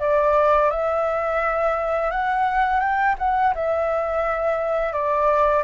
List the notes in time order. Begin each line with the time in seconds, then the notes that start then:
0.00 D5
0.71 E5
2.11 F#5
2.80 G5
3.19 F#5
3.55 E5
4.93 D5